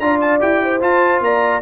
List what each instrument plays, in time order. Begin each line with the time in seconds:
0.00 tuba D4, trombone F4, horn D5, trumpet A#5
0.21 trumpet A5
0.40 tuba E4, trombone G4, trumpet G5
0.63 horn C5
0.81 trombone F4, tuba F4, trumpet A5
1.21 tuba A#3, horn D5, trumpet A#5